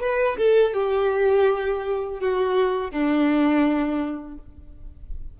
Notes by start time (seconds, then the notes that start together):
0.00 B4
0.37 A4
0.74 G4
2.20 F#4
2.91 D4